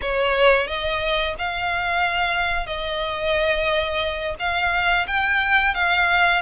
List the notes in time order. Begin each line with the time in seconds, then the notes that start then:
0.01 C#5
0.67 D#5
1.38 F5
2.66 D#5
4.39 F5
5.07 G5
5.74 F5